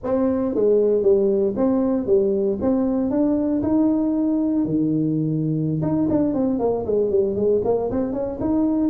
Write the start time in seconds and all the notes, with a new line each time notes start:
0.03 C4
0.55 G#3
1.02 G3
1.56 C4
2.06 G3
2.61 C4
3.10 D4
3.62 D#4
4.65 D#3
5.82 D#4
6.09 D4
6.34 C4
6.59 A#3
6.85 G#3
7.10 G3
7.35 G#3
7.64 A#3
7.90 C4
8.12 C#4
8.40 D#4